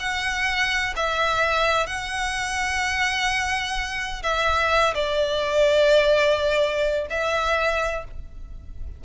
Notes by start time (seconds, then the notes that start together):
0.00 F#5
0.96 E5
1.87 F#5
4.23 E5
4.95 D5
7.11 E5